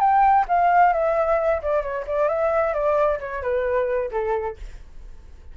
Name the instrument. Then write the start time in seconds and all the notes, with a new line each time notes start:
flute
0.00 G5
0.49 F5
0.93 E5
1.63 D5
1.83 C#5
2.07 D5
2.29 E5
2.74 D5
3.20 C#5
3.43 B4
4.12 A4